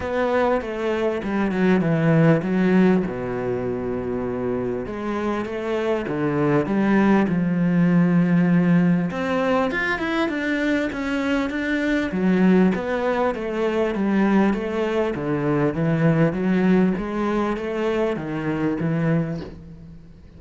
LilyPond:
\new Staff \with { instrumentName = "cello" } { \time 4/4 \tempo 4 = 99 b4 a4 g8 fis8 e4 | fis4 b,2. | gis4 a4 d4 g4 | f2. c'4 |
f'8 e'8 d'4 cis'4 d'4 | fis4 b4 a4 g4 | a4 d4 e4 fis4 | gis4 a4 dis4 e4 | }